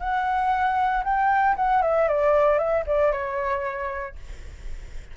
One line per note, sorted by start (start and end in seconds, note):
0.00 1.03 F#5
1.04 1.56 G5
1.56 1.82 F#5
1.82 2.08 E5
2.08 2.58 D5
2.58 2.84 E5
2.86 3.12 D5
3.12 4.15 C#5